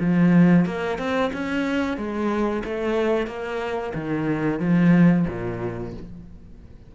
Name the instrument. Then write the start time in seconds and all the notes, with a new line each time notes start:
cello
0.00 F3
0.66 A#3
0.99 C4
1.33 C#4
1.98 G#3
2.64 A3
3.27 A#3
3.95 D#3
4.60 F3
5.28 A#2